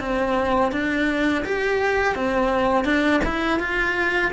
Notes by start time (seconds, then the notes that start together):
0.00 C4
0.72 D4
1.45 G4
2.15 C4
2.85 D4
3.25 E4
3.59 F4